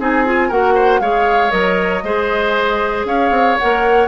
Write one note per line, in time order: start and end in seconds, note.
0.00 0.51 C4
0.00 0.25 D#4
0.00 0.49 G#4
0.00 0.51 G#5
0.25 0.51 F4
0.49 1.01 A#3
0.49 1.02 F#4
0.49 0.74 A#4
0.49 1.01 F#5
0.75 1.01 C5
1.01 1.52 G#3
1.01 1.51 G#4
1.01 2.04 C#5
1.01 1.52 F5
1.51 2.04 F#3
1.51 2.02 A#4
1.51 3.05 D#5
2.04 3.05 G#3
2.04 3.59 G#4
2.04 3.07 C5
3.05 3.31 C#4
3.05 4.08 C#5
3.05 3.58 F5
3.31 3.56 C4
3.59 4.08 A#3
3.59 4.08 A#4
3.59 4.08 F#5